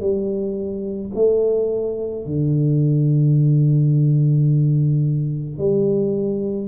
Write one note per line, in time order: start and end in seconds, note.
0.00 1.11 G3
1.15 2.25 A3
2.25 5.58 D3
5.58 6.68 G3